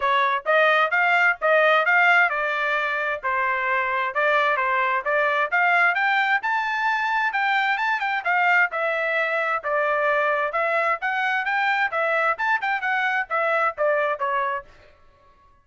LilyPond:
\new Staff \with { instrumentName = "trumpet" } { \time 4/4 \tempo 4 = 131 cis''4 dis''4 f''4 dis''4 | f''4 d''2 c''4~ | c''4 d''4 c''4 d''4 | f''4 g''4 a''2 |
g''4 a''8 g''8 f''4 e''4~ | e''4 d''2 e''4 | fis''4 g''4 e''4 a''8 g''8 | fis''4 e''4 d''4 cis''4 | }